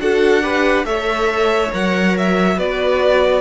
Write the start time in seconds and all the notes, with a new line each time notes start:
0.00 D4 F#4 A4 F#5
0.42 G4 B4
0.85 A3 A4 C#5 E5
1.72 F#3 A#4 F#5
2.18 E5
2.57 B3 F#4 B4 D5